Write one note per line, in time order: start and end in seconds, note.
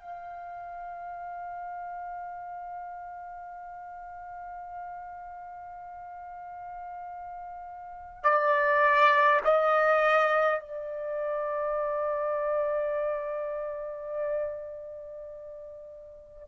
0.00 8.23 F5
8.23 9.41 D5
9.44 10.60 D#5
10.60 16.48 D5